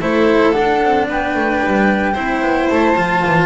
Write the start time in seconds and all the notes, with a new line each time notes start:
0.00 A3 E4 A4 C5
0.52 D4 F#5
0.58 D4
0.83 C4
1.08 B3 B4 G5
1.35 A3
1.67 G3
2.14 C4 E4 C5
2.41 B3
2.70 A3 A5
2.97 F3 F4
3.26 E3